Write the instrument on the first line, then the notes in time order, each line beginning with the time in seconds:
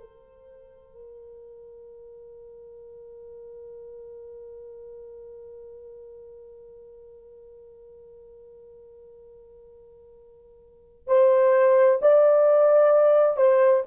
horn
0.00 A#4
11.07 C5
12.02 D5
13.37 C5